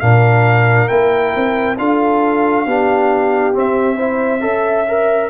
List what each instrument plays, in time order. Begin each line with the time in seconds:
0.00 tuba A#2, trombone D4, horn A#4, trumpet F5
0.88 tuba A#3, trombone E4, trumpet G5
1.35 tuba C4
1.78 tuba D4, trombone F4, horn A4, trumpet F5
2.66 tuba B3, trombone D4, horn G4
3.53 trombone C4, tuba C4, trumpet E5
3.96 trombone E4, horn C5
4.40 tuba C#4, trombone A4, horn E5
4.88 trombone A#4